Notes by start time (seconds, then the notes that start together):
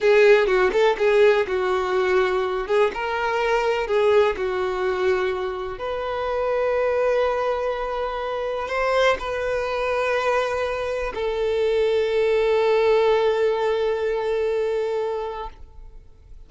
0.00 G#4
0.46 F#4
0.72 A4
0.97 G#4
1.47 F#4
2.67 G#4
2.94 A#4
3.87 G#4
4.37 F#4
5.78 B4
8.68 C5
9.19 B4
11.14 A4